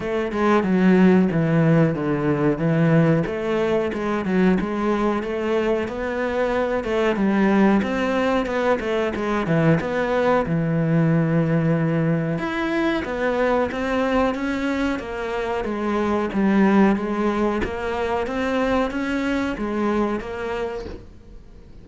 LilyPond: \new Staff \with { instrumentName = "cello" } { \time 4/4 \tempo 4 = 92 a8 gis8 fis4 e4 d4 | e4 a4 gis8 fis8 gis4 | a4 b4. a8 g4 | c'4 b8 a8 gis8 e8 b4 |
e2. e'4 | b4 c'4 cis'4 ais4 | gis4 g4 gis4 ais4 | c'4 cis'4 gis4 ais4 | }